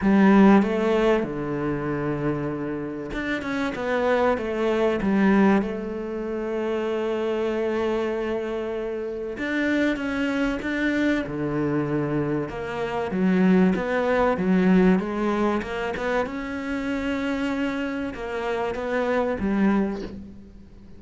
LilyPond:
\new Staff \with { instrumentName = "cello" } { \time 4/4 \tempo 4 = 96 g4 a4 d2~ | d4 d'8 cis'8 b4 a4 | g4 a2.~ | a2. d'4 |
cis'4 d'4 d2 | ais4 fis4 b4 fis4 | gis4 ais8 b8 cis'2~ | cis'4 ais4 b4 g4 | }